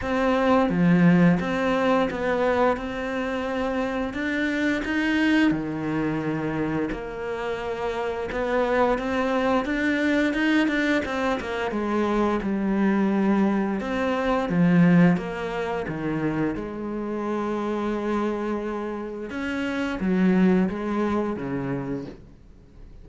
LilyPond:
\new Staff \with { instrumentName = "cello" } { \time 4/4 \tempo 4 = 87 c'4 f4 c'4 b4 | c'2 d'4 dis'4 | dis2 ais2 | b4 c'4 d'4 dis'8 d'8 |
c'8 ais8 gis4 g2 | c'4 f4 ais4 dis4 | gis1 | cis'4 fis4 gis4 cis4 | }